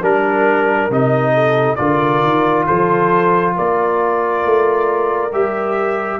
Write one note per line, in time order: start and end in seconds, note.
0.00 0.89 G3
0.00 0.90 D4
0.00 1.32 A#4
0.00 0.92 A#4
0.89 1.77 C3
0.89 1.77 D#4
0.89 1.75 D#5
1.34 1.78 A4
1.75 2.23 D3
1.75 5.30 F4
1.75 2.66 A#4
1.75 2.63 D5
2.23 2.67 D#3
2.66 3.58 F3
2.66 3.54 A4
2.66 3.54 C5
3.56 4.44 A#3
3.56 6.20 A#4
3.56 5.33 D5
4.44 5.32 A3
5.32 6.20 G3
5.32 6.20 G4
5.32 6.20 E5